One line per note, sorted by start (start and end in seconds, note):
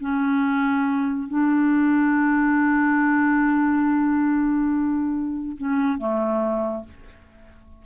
0.00 1.28 C#4
1.28 5.56 D4
5.57 5.98 C#4
5.98 6.84 A3